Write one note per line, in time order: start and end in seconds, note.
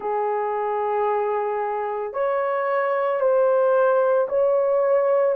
0.00 2.13 G#4
2.13 3.20 C#5
3.20 4.27 C5
4.29 5.35 C#5